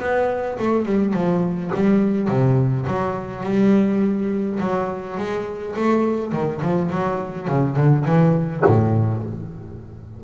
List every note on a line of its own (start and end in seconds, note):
0.00 0.58 B3
0.59 0.85 A3
0.85 1.14 G3
1.14 1.71 F3
1.74 2.28 G3
2.28 2.86 C3
2.86 3.43 F#3
3.43 4.59 G3
4.60 5.17 F#3
5.17 5.75 G#3
5.76 6.32 A3
6.32 6.61 D#3
6.62 6.90 F3
6.91 7.48 F#3
7.48 7.76 C#3
7.76 8.05 D3
8.05 8.63 E3
8.66 9.24 A2